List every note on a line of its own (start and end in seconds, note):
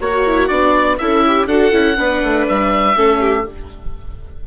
0.00 0.49 A#3
0.00 0.98 F#4
0.00 0.26 F#4
0.00 0.48 C#5
0.26 0.49 E4
0.48 0.99 B3
0.48 0.99 D4
0.48 0.97 D5
0.98 1.46 C#4
0.98 1.47 E4
0.98 1.26 A4
0.98 1.47 E5
1.26 1.50 G4
1.46 1.71 D4
1.46 1.72 F#4
1.46 1.96 A4
1.46 2.45 F#5
1.72 1.97 C#4
1.72 1.96 E4
1.96 2.22 B3
1.96 2.95 D4
1.96 2.95 B4
2.22 2.47 A3
2.48 2.96 G3
2.48 3.47 E5
2.95 3.45 A3
2.95 3.45 C#4
2.95 3.20 A4
3.20 3.45 G4